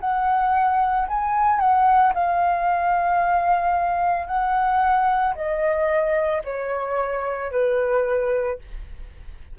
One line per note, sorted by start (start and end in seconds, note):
0.00 1.07 F#5
1.08 1.59 G#5
1.59 2.12 F#5
2.14 4.27 F5
4.27 5.34 F#5
5.35 6.42 D#5
6.44 7.51 C#5
7.51 8.58 B4